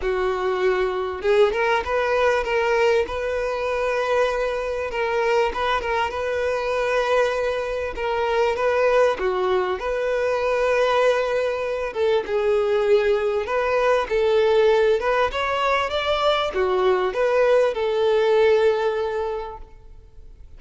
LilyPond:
\new Staff \with { instrumentName = "violin" } { \time 4/4 \tempo 4 = 98 fis'2 gis'8 ais'8 b'4 | ais'4 b'2. | ais'4 b'8 ais'8 b'2~ | b'4 ais'4 b'4 fis'4 |
b'2.~ b'8 a'8 | gis'2 b'4 a'4~ | a'8 b'8 cis''4 d''4 fis'4 | b'4 a'2. | }